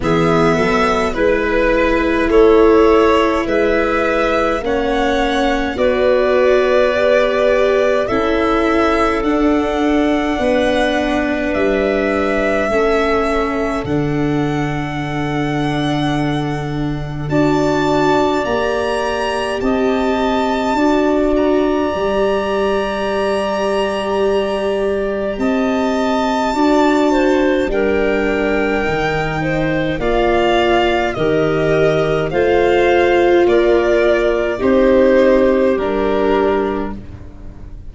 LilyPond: <<
  \new Staff \with { instrumentName = "violin" } { \time 4/4 \tempo 4 = 52 e''4 b'4 cis''4 e''4 | fis''4 d''2 e''4 | fis''2 e''2 | fis''2. a''4 |
ais''4 a''4. ais''4.~ | ais''2 a''2 | g''2 f''4 dis''4 | f''4 d''4 c''4 ais'4 | }
  \new Staff \with { instrumentName = "clarinet" } { \time 4/4 gis'8 a'8 b'4 a'4 b'4 | cis''4 b'2 a'4~ | a'4 b'2 a'4~ | a'2. d''4~ |
d''4 dis''4 d''2~ | d''2 dis''4 d''8 c''8 | ais'4. c''8 d''4 ais'4 | c''4 ais'4 g'2 | }
  \new Staff \with { instrumentName = "viola" } { \time 4/4 b4 e'2. | cis'4 fis'4 g'4 e'4 | d'2. cis'4 | d'2. fis'4 |
g'2 fis'4 g'4~ | g'2. fis'4 | d'4 dis'4 f'4 g'4 | f'2 dis'4 d'4 | }
  \new Staff \with { instrumentName = "tuba" } { \time 4/4 e8 fis8 gis4 a4 gis4 | ais4 b2 cis'4 | d'4 b4 g4 a4 | d2. d'4 |
ais4 c'4 d'4 g4~ | g2 c'4 d'4 | g4 dis4 ais4 dis4 | a4 ais4 c'4 g4 | }
>>